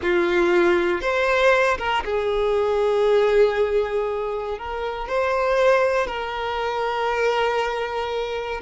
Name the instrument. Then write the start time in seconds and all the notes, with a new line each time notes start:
violin
0.02 F4
1.01 C5
1.78 A#4
2.04 G#4
4.58 A#4
5.08 C5
6.06 A#4